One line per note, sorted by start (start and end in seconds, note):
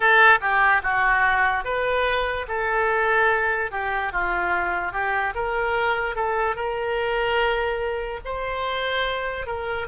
0.00 0.39 A4
0.40 0.81 G4
0.83 1.64 F#4
1.64 2.46 B4
2.47 3.71 A4
3.71 4.12 G4
4.12 4.92 F4
4.92 5.33 G4
5.34 6.15 A#4
6.15 6.55 A4
6.55 8.20 A#4
8.25 9.46 C5
9.46 9.87 A#4